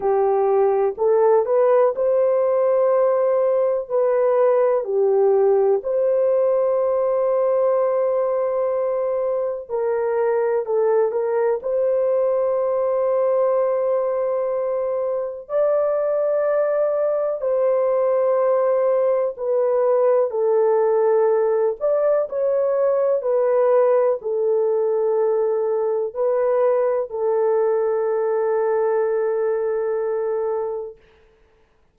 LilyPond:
\new Staff \with { instrumentName = "horn" } { \time 4/4 \tempo 4 = 62 g'4 a'8 b'8 c''2 | b'4 g'4 c''2~ | c''2 ais'4 a'8 ais'8 | c''1 |
d''2 c''2 | b'4 a'4. d''8 cis''4 | b'4 a'2 b'4 | a'1 | }